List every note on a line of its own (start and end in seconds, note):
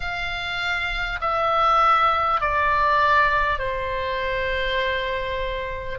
0.00 1.19 F5
1.21 2.40 E5
2.40 3.58 D5
3.58 5.98 C5